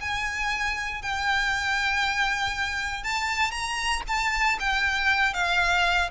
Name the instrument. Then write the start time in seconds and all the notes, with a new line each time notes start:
violin
0.00 G#5
1.01 G5
3.03 A5
3.51 A#5
4.07 A5
4.59 G5
5.33 F5